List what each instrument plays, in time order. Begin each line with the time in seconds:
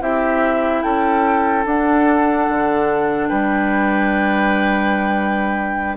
0.00 bassoon C4, clarinet E4, oboe G4, flute E5
0.82 bassoon C#4, oboe A4, flute G5
1.65 bassoon D4, clarinet D4, flute F#5
2.48 bassoon D3
3.28 bassoon G3, oboe B4, flute G5